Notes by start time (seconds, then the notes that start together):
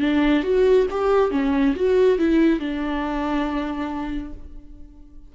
0.00 D4
0.43 F#4
0.91 G4
1.31 C#4
1.75 F#4
2.19 E4
2.60 D4